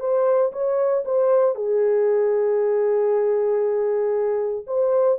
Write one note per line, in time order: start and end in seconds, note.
0.00 0.52 C5
0.52 1.04 C#5
1.05 1.55 C5
1.55 4.65 G#4
4.67 5.18 C5